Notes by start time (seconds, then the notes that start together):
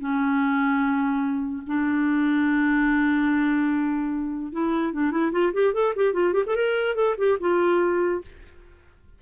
0.00 C#4
1.67 D4
4.53 E4
4.93 D4
5.12 E4
5.32 F4
5.54 G4
5.74 A4
5.96 G4
6.14 F4
6.34 G4
6.47 A4
6.56 A#4
6.96 A4
7.18 G4
7.40 F4